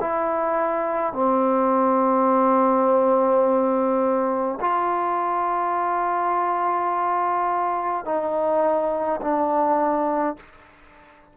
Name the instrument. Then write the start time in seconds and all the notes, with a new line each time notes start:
trombone
0.00 E4
1.13 C4
4.60 F4
8.05 D#4
9.21 D4